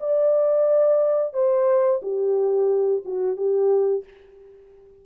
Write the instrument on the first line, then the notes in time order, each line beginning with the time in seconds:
horn
0.00 D5
1.33 C5
2.02 G4
3.05 F#4
3.37 G4